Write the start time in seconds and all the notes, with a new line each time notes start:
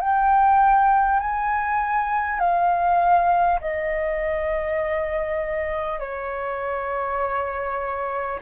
0.00 G5
1.19 G#5
2.39 F5
3.60 D#5
5.99 C#5